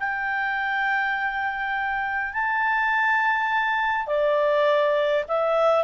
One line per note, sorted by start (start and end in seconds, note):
0.00 2.34 G5
2.34 4.07 A5
4.07 5.25 D5
5.29 5.85 E5